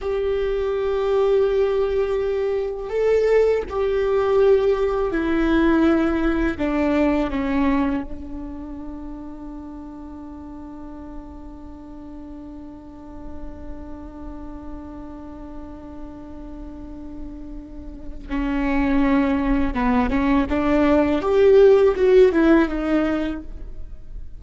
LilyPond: \new Staff \with { instrumentName = "viola" } { \time 4/4 \tempo 4 = 82 g'1 | a'4 g'2 e'4~ | e'4 d'4 cis'4 d'4~ | d'1~ |
d'1~ | d'1~ | d'4 cis'2 b8 cis'8 | d'4 g'4 fis'8 e'8 dis'4 | }